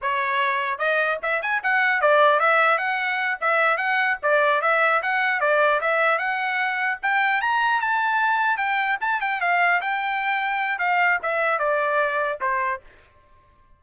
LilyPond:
\new Staff \with { instrumentName = "trumpet" } { \time 4/4 \tempo 4 = 150 cis''2 dis''4 e''8 gis''8 | fis''4 d''4 e''4 fis''4~ | fis''8 e''4 fis''4 d''4 e''8~ | e''8 fis''4 d''4 e''4 fis''8~ |
fis''4. g''4 ais''4 a''8~ | a''4. g''4 a''8 g''8 f''8~ | f''8 g''2~ g''8 f''4 | e''4 d''2 c''4 | }